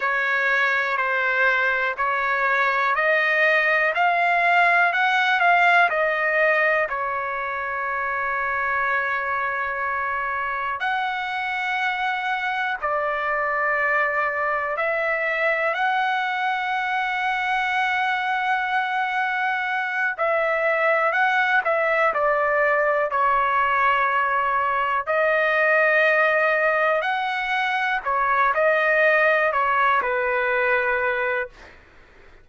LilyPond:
\new Staff \with { instrumentName = "trumpet" } { \time 4/4 \tempo 4 = 61 cis''4 c''4 cis''4 dis''4 | f''4 fis''8 f''8 dis''4 cis''4~ | cis''2. fis''4~ | fis''4 d''2 e''4 |
fis''1~ | fis''8 e''4 fis''8 e''8 d''4 cis''8~ | cis''4. dis''2 fis''8~ | fis''8 cis''8 dis''4 cis''8 b'4. | }